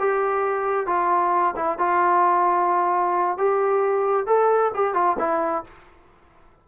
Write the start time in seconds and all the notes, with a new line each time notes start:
0.00 G4
0.87 F4
1.56 E4
1.79 F4
3.38 G4
4.26 A4
4.74 G4
4.94 F4
5.19 E4